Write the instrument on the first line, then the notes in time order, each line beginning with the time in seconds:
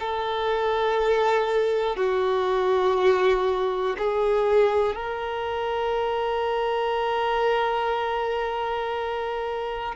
violin
0.00 A4
1.97 F#4
3.98 G#4
4.95 A#4